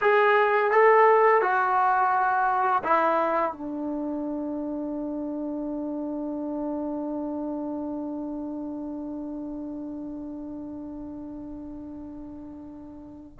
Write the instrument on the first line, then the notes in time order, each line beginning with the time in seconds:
trombone
0.01 G#4
0.71 A4
1.41 F#4
2.83 E4
3.52 D4